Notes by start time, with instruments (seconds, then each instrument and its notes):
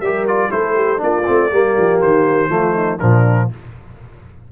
0.00 tuba G3, trombone G4, horn A#4, trumpet E5
0.27 trombone F4, trumpet D5
0.50 tuba A3, trombone E4, horn A4, trumpet C5
0.75 horn G4
0.97 tuba A#3, trombone D4, horn F4, trumpet D5
1.26 tuba A3, trombone C4
1.51 tuba G3, trombone A#3, horn G4
1.78 tuba F3
2.01 tuba D#3, trumpet C5
2.49 tuba F3, trombone A3, horn F4
2.73 horn D#4
2.99 tuba A#2, trombone F3, horn D4, trumpet A#4